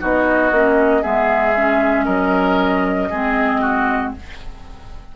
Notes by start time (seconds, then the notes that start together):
0.00 B3 D#4 F#4 D#5
0.52 A#3 C#4
1.02 G#3 B3 G#4 E5
1.57 C#4
2.05 F#3 A#4 D#5
3.10 G#3 C4 G#4
3.61 F#4